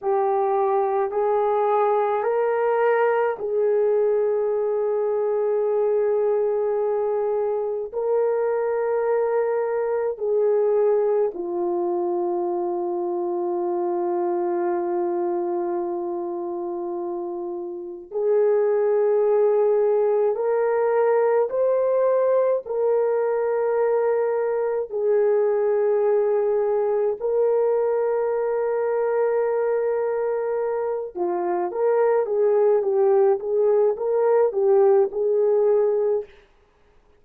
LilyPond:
\new Staff \with { instrumentName = "horn" } { \time 4/4 \tempo 4 = 53 g'4 gis'4 ais'4 gis'4~ | gis'2. ais'4~ | ais'4 gis'4 f'2~ | f'1 |
gis'2 ais'4 c''4 | ais'2 gis'2 | ais'2.~ ais'8 f'8 | ais'8 gis'8 g'8 gis'8 ais'8 g'8 gis'4 | }